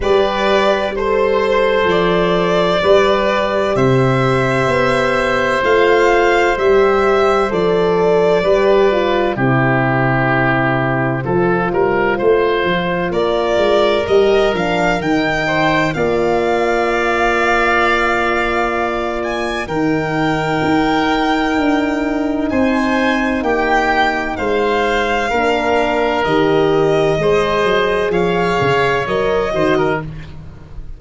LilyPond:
<<
  \new Staff \with { instrumentName = "violin" } { \time 4/4 \tempo 4 = 64 d''4 c''4 d''2 | e''2 f''4 e''4 | d''2 c''2~ | c''2 d''4 dis''8 f''8 |
g''4 f''2.~ | f''8 gis''8 g''2. | gis''4 g''4 f''2 | dis''2 f''4 dis''4 | }
  \new Staff \with { instrumentName = "oboe" } { \time 4/4 b'4 c''2 b'4 | c''1~ | c''4 b'4 g'2 | a'8 ais'8 c''4 ais'2~ |
ais'8 c''8 d''2.~ | d''4 ais'2. | c''4 g'4 c''4 ais'4~ | ais'4 c''4 cis''4. c''16 ais'16 | }
  \new Staff \with { instrumentName = "horn" } { \time 4/4 g'4 a'2 g'4~ | g'2 f'4 g'4 | a'4 g'8 f'8 e'2 | f'2. g'8 d'8 |
dis'4 f'2.~ | f'4 dis'2.~ | dis'2. d'4 | g'4 gis'2 ais'8 fis'8 | }
  \new Staff \with { instrumentName = "tuba" } { \time 4/4 g2 f4 g4 | c4 b4 a4 g4 | f4 g4 c2 | f8 g8 a8 f8 ais8 gis8 g8 f8 |
dis4 ais2.~ | ais4 dis4 dis'4 d'4 | c'4 ais4 gis4 ais4 | dis4 gis8 fis8 f8 cis8 fis8 dis8 | }
>>